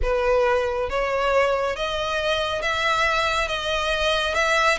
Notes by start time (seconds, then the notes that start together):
0.02 B4
0.89 C#5
1.76 D#5
2.62 E5
3.48 D#5
4.34 E5